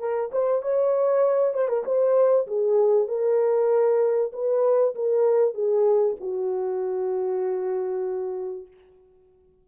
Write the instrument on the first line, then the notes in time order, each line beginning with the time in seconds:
horn
0.00 A#4
0.32 C5
0.63 C#5
1.54 C5
1.69 A#4
1.85 C5
2.47 G#4
3.08 A#4
4.33 B4
4.95 A#4
5.54 G#4
6.21 F#4